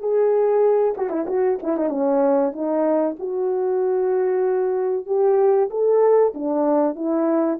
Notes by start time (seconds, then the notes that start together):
0.00 G#4
0.98 F#4
1.10 E4
1.27 F#4
1.63 E4
1.77 D#4
1.89 C#4
2.53 D#4
3.19 F#4
5.06 G4
5.70 A4
6.34 D4
6.96 E4